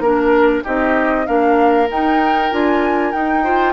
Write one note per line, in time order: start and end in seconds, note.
0.00 0.62 A#3
0.00 0.64 D4
0.00 0.62 A#4
0.00 0.64 A#4
0.64 1.28 C4
0.64 1.25 D#4
0.64 1.26 G4
0.64 1.26 D#5
1.25 1.90 A#3
1.25 1.87 D4
1.25 3.44 A#4
1.25 1.88 F5
1.90 2.52 D#4
1.90 2.51 D#4
1.90 2.53 G5
2.51 3.14 D4
2.51 3.13 F4
2.51 3.12 G#5
3.12 3.44 D#4
3.12 3.73 D#4
3.12 3.73 G5
3.44 3.73 F4
3.44 3.73 C5